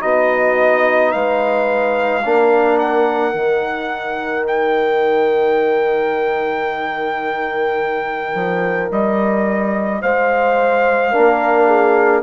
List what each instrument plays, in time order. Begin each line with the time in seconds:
0.00 bassoon B3, trombone D#4, horn F#4, trumpet D#5
1.12 bassoon G#3, horn B4, trumpet F5
2.25 bassoon A#3, trombone D4, horn A#4
2.79 trumpet F#5
3.32 bassoon D#3, trombone D#4
4.48 trumpet G5
8.35 bassoon F3
8.91 bassoon G3, trumpet D#5
10.02 bassoon G#3, horn C5, trumpet F5
11.12 bassoon A#3, trombone D4, horn A#4
11.68 horn G#4